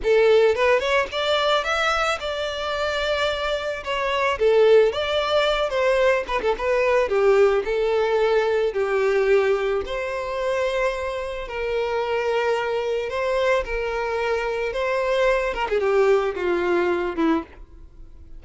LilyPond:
\new Staff \with { instrumentName = "violin" } { \time 4/4 \tempo 4 = 110 a'4 b'8 cis''8 d''4 e''4 | d''2. cis''4 | a'4 d''4. c''4 b'16 a'16 | b'4 g'4 a'2 |
g'2 c''2~ | c''4 ais'2. | c''4 ais'2 c''4~ | c''8 ais'16 gis'16 g'4 f'4. e'8 | }